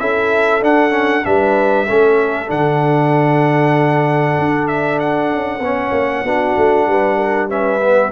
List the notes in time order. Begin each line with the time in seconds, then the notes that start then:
0.00 C#4 E4 A4 E5
0.61 D4 F#5
0.90 C#4
1.25 G3 D4 B4 E5
1.89 A3 C#4 A4
2.47 D3 D4 F#5
4.39 D4
4.68 E5
5.00 F#5
5.33 C#4
5.60 B3 C#4 C#5
5.91 A#3
6.24 B3 D4 F#4
6.57 A3
6.87 G3 B4
7.17 A#4
7.49 C#4 B4 E5
7.82 B3